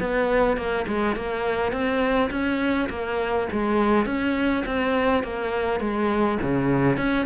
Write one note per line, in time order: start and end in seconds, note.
0.00 0.57 B3
0.57 0.86 A#3
0.87 1.16 G#3
1.16 1.72 A#3
1.72 2.30 C4
2.31 2.89 C#4
2.90 3.48 A#3
3.52 4.06 G#3
4.06 4.64 C#4
4.66 5.23 C4
5.23 5.80 A#3
5.80 6.38 G#3
6.42 6.97 C#3
6.97 7.26 C#4